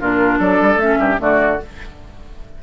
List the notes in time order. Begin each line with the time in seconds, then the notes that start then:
0.00 A#2 D4 F4 A#4
0.39 F#3 A4 D5
0.61 G3
0.77 A3 C#4 E5
0.99 G2 G4
1.18 D3 A3 F#4 D5